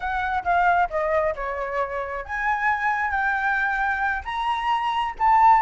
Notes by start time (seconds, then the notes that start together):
0.00 F#5
0.44 F5
0.90 D#5
1.35 C#5
2.24 G#5
3.10 G5
4.24 A#5
5.19 A5